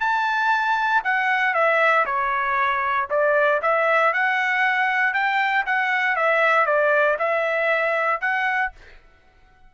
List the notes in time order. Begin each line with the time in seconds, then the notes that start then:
0.00 A5
1.04 F#5
1.54 E5
2.06 C#5
3.10 D5
3.62 E5
4.14 F#5
5.14 G5
5.66 F#5
6.16 E5
6.66 D5
7.19 E5
8.21 F#5